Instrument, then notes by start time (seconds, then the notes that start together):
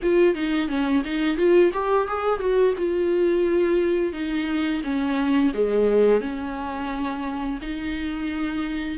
viola
0.02 F4
0.34 D#4
0.68 C#4
1.05 D#4
1.37 F4
1.73 G4
2.07 G#4
2.39 F#4
2.77 F4
4.13 D#4
4.83 C#4
5.53 G#3
6.21 C#4
7.61 D#4